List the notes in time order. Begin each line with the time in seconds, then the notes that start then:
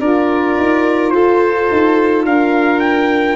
0.00 D4 F4 A#4 D5
0.57 D#4
1.10 F4 A4 C5
1.71 D#4
2.25 D4 A#4 F5
2.80 G5